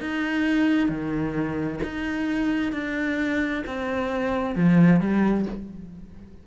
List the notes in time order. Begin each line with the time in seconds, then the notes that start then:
0.00 D#4
0.88 D#3
1.83 D#4
2.73 D4
3.66 C4
4.55 F3
5.00 G3